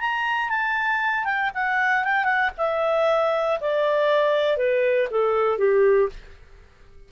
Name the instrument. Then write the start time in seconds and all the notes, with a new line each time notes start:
clarinet
0.00 A#5
0.49 A5
1.25 G5
1.54 F#5
2.04 G5
2.24 F#5
2.57 E5
3.60 D5
4.57 B4
5.10 A4
5.58 G4